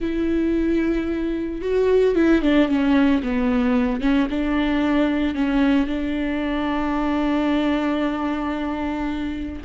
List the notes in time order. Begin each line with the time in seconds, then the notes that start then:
0.00 E4
1.61 F#4
2.15 E4
2.42 D4
2.68 C#4
3.22 B3
4.01 C#4
4.30 D4
5.34 C#4
5.87 D4